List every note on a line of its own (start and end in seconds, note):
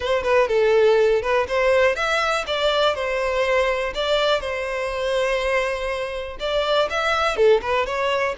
0.00 0.23 C5
0.23 0.48 B4
0.48 1.21 A4
1.22 1.46 B4
1.48 1.95 C5
1.95 2.44 E5
2.46 2.94 D5
2.94 3.93 C5
3.94 4.40 D5
4.40 6.37 C5
6.39 6.88 D5
6.89 7.36 E5
7.36 7.61 A4
7.61 7.86 B4
7.86 8.35 C#5